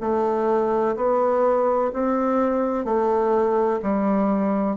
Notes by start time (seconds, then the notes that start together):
0.00 A3
0.96 B3
1.93 C4
2.84 A3
3.82 G3